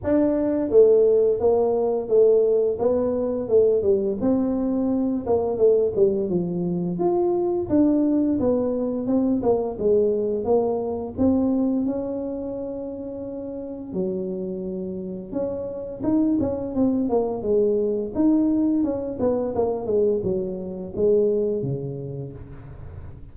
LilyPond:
\new Staff \with { instrumentName = "tuba" } { \time 4/4 \tempo 4 = 86 d'4 a4 ais4 a4 | b4 a8 g8 c'4. ais8 | a8 g8 f4 f'4 d'4 | b4 c'8 ais8 gis4 ais4 |
c'4 cis'2. | fis2 cis'4 dis'8 cis'8 | c'8 ais8 gis4 dis'4 cis'8 b8 | ais8 gis8 fis4 gis4 cis4 | }